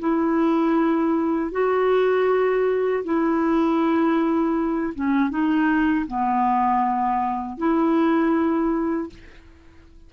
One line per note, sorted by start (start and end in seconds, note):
0.00 1.52 E4
1.52 3.04 F#4
3.04 4.94 E4
4.95 5.30 C#4
5.30 6.06 D#4
6.07 7.58 B3
7.58 9.10 E4